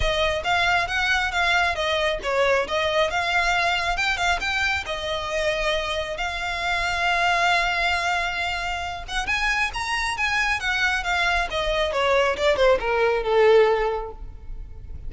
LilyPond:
\new Staff \with { instrumentName = "violin" } { \time 4/4 \tempo 4 = 136 dis''4 f''4 fis''4 f''4 | dis''4 cis''4 dis''4 f''4~ | f''4 g''8 f''8 g''4 dis''4~ | dis''2 f''2~ |
f''1~ | f''8 fis''8 gis''4 ais''4 gis''4 | fis''4 f''4 dis''4 cis''4 | d''8 c''8 ais'4 a'2 | }